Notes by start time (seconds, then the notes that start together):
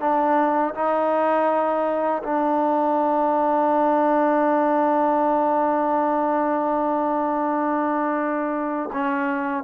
0.00 D4
0.75 D#4
2.24 D4
8.93 C#4